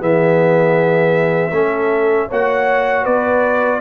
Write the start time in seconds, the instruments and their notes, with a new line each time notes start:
0.00 tuba E3, trombone B3, horn G#4, trumpet E5
1.51 tuba A3, trombone C#4, horn A4
2.29 tuba A#3, trombone F#4, horn C#5, trumpet F#5
3.04 tuba B3, horn B4, trumpet D5